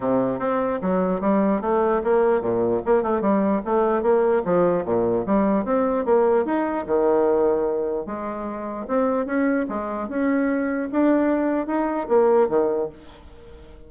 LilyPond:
\new Staff \with { instrumentName = "bassoon" } { \time 4/4 \tempo 4 = 149 c4 c'4 fis4 g4 | a4 ais4 ais,4 ais8 a8 | g4 a4 ais4 f4 | ais,4 g4 c'4 ais4 |
dis'4 dis2. | gis2 c'4 cis'4 | gis4 cis'2 d'4~ | d'4 dis'4 ais4 dis4 | }